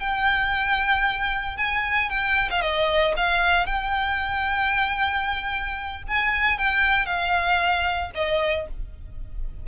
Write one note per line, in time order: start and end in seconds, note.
0.00 1.57 G5
1.57 2.10 G#5
2.10 2.49 G5
2.50 2.61 F5
2.61 3.14 D#5
3.17 3.66 F5
3.66 6.03 G5
6.08 6.58 G#5
6.58 7.06 G5
7.06 8.11 F5
8.15 8.67 D#5